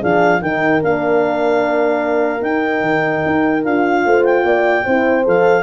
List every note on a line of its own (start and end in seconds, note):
0.00 0.42 F3
0.00 0.42 D4
0.00 0.40 G#4
0.00 0.42 F5
0.42 0.82 D#3
0.42 0.82 D#4
0.42 4.05 A#4
0.42 0.82 G5
0.82 2.42 A#3
0.82 2.43 D4
0.82 2.43 F5
2.42 2.82 D#4
2.42 3.64 D#4
2.42 3.64 G5
2.82 3.22 D#3
3.26 3.66 D#4
3.65 4.06 D4
3.65 4.86 F4
3.65 4.25 F5
4.05 4.45 A3
4.05 4.45 C5
4.25 5.26 G5
4.45 4.85 A#3
4.45 4.85 D5
4.85 5.27 C4
4.85 5.24 E4
4.85 5.63 C5
5.24 5.63 F3
5.24 5.63 A4
5.24 5.63 F5